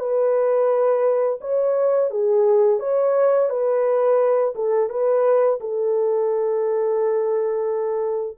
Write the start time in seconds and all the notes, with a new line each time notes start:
0.00 B4
1.41 C#5
2.11 G#4
2.80 C#5
3.50 B4
4.56 A4
4.90 B4
5.61 A4